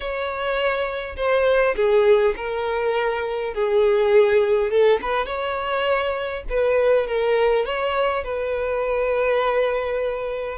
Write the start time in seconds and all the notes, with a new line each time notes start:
0.00 C#5
1.16 C5
1.76 G#4
2.36 A#4
3.53 G#4
4.70 A4
5.01 B4
5.25 C#5
6.49 B4
7.07 A#4
7.65 C#5
8.24 B4